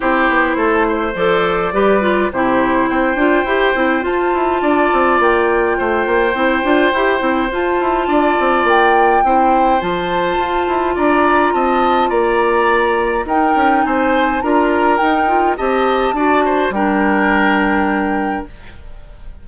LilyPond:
<<
  \new Staff \with { instrumentName = "flute" } { \time 4/4 \tempo 4 = 104 c''2 d''2 | c''4 g''2 a''4~ | a''4 g''2.~ | g''4 a''2 g''4~ |
g''4 a''2 ais''4 | a''4 ais''2 g''4 | gis''4 ais''4 g''4 a''4~ | a''4 g''2. | }
  \new Staff \with { instrumentName = "oboe" } { \time 4/4 g'4 a'8 c''4. b'4 | g'4 c''2. | d''2 c''2~ | c''2 d''2 |
c''2. d''4 | dis''4 d''2 ais'4 | c''4 ais'2 dis''4 | d''8 c''8 ais'2. | }
  \new Staff \with { instrumentName = "clarinet" } { \time 4/4 e'2 a'4 g'8 f'8 | e'4. f'8 g'8 e'8 f'4~ | f'2. e'8 f'8 | g'8 e'8 f'2. |
e'4 f'2.~ | f'2. dis'4~ | dis'4 f'4 dis'8 f'8 g'4 | fis'4 d'2. | }
  \new Staff \with { instrumentName = "bassoon" } { \time 4/4 c'8 b8 a4 f4 g4 | c4 c'8 d'8 e'8 c'8 f'8 e'8 | d'8 c'8 ais4 a8 ais8 c'8 d'8 | e'8 c'8 f'8 e'8 d'8 c'8 ais4 |
c'4 f4 f'8 e'8 d'4 | c'4 ais2 dis'8 cis'8 | c'4 d'4 dis'4 c'4 | d'4 g2. | }
>>